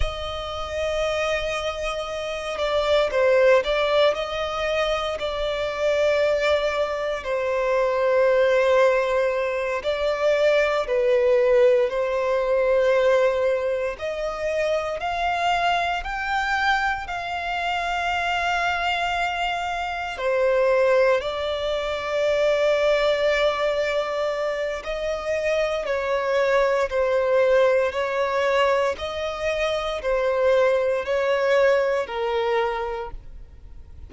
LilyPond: \new Staff \with { instrumentName = "violin" } { \time 4/4 \tempo 4 = 58 dis''2~ dis''8 d''8 c''8 d''8 | dis''4 d''2 c''4~ | c''4. d''4 b'4 c''8~ | c''4. dis''4 f''4 g''8~ |
g''8 f''2. c''8~ | c''8 d''2.~ d''8 | dis''4 cis''4 c''4 cis''4 | dis''4 c''4 cis''4 ais'4 | }